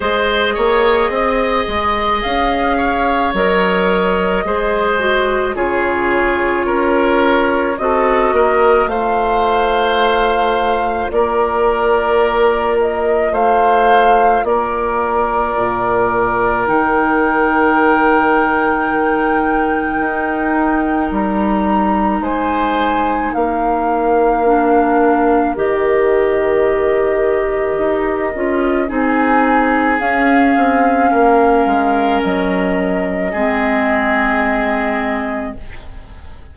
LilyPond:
<<
  \new Staff \with { instrumentName = "flute" } { \time 4/4 \tempo 4 = 54 dis''2 f''4 dis''4~ | dis''4 cis''2 dis''4 | f''2 d''4. dis''8 | f''4 d''2 g''4~ |
g''2. ais''4 | gis''4 f''2 dis''4~ | dis''2 gis''4 f''4~ | f''4 dis''2. | }
  \new Staff \with { instrumentName = "oboe" } { \time 4/4 c''8 cis''8 dis''4. cis''4. | c''4 gis'4 ais'4 a'8 ais'8 | c''2 ais'2 | c''4 ais'2.~ |
ais'1 | c''4 ais'2.~ | ais'2 gis'2 | ais'2 gis'2 | }
  \new Staff \with { instrumentName = "clarinet" } { \time 4/4 gis'2. ais'4 | gis'8 fis'8 f'2 fis'4 | f'1~ | f'2. dis'4~ |
dis'1~ | dis'2 d'4 g'4~ | g'4. f'8 dis'4 cis'4~ | cis'2 c'2 | }
  \new Staff \with { instrumentName = "bassoon" } { \time 4/4 gis8 ais8 c'8 gis8 cis'4 fis4 | gis4 cis4 cis'4 c'8 ais8 | a2 ais2 | a4 ais4 ais,4 dis4~ |
dis2 dis'4 g4 | gis4 ais2 dis4~ | dis4 dis'8 cis'8 c'4 cis'8 c'8 | ais8 gis8 fis4 gis2 | }
>>